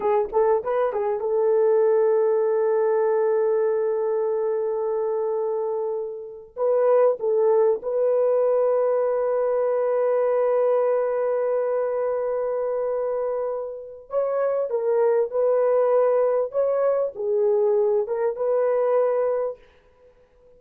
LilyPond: \new Staff \with { instrumentName = "horn" } { \time 4/4 \tempo 4 = 98 gis'8 a'8 b'8 gis'8 a'2~ | a'1~ | a'2~ a'8. b'4 a'16~ | a'8. b'2.~ b'16~ |
b'1~ | b'2. cis''4 | ais'4 b'2 cis''4 | gis'4. ais'8 b'2 | }